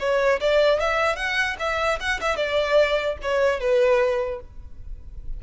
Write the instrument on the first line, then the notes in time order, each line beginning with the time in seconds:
violin
0.00 C#5
0.41 D5
0.81 E5
1.16 F#5
1.60 E5
2.00 F#5
2.21 E5
2.37 D5
3.23 C#5
3.60 B4